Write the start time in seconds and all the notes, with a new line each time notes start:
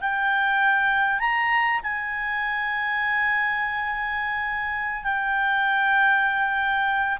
0.00 G5
1.19 A#5
1.82 G#5
5.03 G5